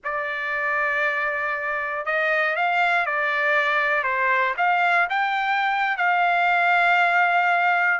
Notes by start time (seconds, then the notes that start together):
0.04 D5
2.05 D#5
2.56 F5
3.06 D5
4.03 C5
4.57 F5
5.09 G5
5.97 F5